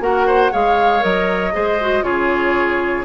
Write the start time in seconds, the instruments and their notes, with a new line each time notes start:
0.00 bassoon A#3, clarinet F#4, oboe A#4, flute F#5
0.26 oboe C5
0.51 bassoon G#3, clarinet G#4, oboe C#5, flute F5
0.99 bassoon F#3, clarinet A#4, flute D#5
1.52 bassoon G#3, clarinet G#4, oboe C5
1.80 clarinet F#4
2.02 bassoon C#3, clarinet F4, oboe G#4, flute C#5